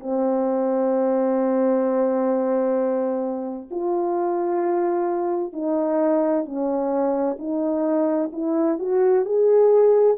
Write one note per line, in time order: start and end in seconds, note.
0.00 3.69 C4
3.71 5.53 F4
5.53 6.45 D#4
6.45 7.37 C#4
7.39 8.31 D#4
8.32 8.79 E4
8.79 9.25 F#4
9.25 10.17 G#4